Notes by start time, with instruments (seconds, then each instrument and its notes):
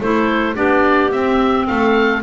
0.00 double bass A3, clarinet E4 A4, oboe C5
0.54 double bass B3, clarinet D4 G4, oboe D5
1.11 clarinet C4, double bass C4, oboe E5
1.66 double bass A3, clarinet A4, oboe F5